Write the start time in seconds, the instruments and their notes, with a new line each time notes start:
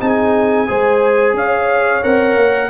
0.00 tuba C4, trombone D#4, horn G#4, trumpet G#5
0.67 tuba G#3, trombone G#4, horn C5
1.34 tuba C#4, horn C#5, trumpet F5
2.03 tuba C4, trombone A#4, trumpet F#5
2.36 tuba A#3